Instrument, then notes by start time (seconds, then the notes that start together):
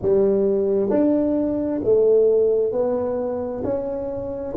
tuba
0.02 G3
0.90 D4
1.83 A3
2.72 B3
3.64 C#4